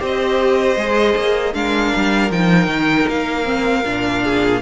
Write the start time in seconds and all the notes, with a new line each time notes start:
0.00 C4 G4 C5
0.06 D#5
0.77 G#3 G#4
1.17 A#3
1.54 G#3 D4 A#4 F5
1.96 G3
2.31 F3 D#4 G5
2.67 D#3
3.09 A#3 F5
3.45 C4
3.86 A#2 D4
4.24 G#4